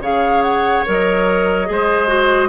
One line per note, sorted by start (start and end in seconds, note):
0.00 0.83 C#3
0.00 0.85 G#4
0.00 1.68 C#5
0.00 0.42 F5
0.42 0.83 F#5
0.86 1.70 F#3
0.86 1.66 A#4
0.86 2.49 D#5
1.66 2.49 G#3
1.66 2.07 G#4
1.72 2.49 C5
2.07 2.49 F#4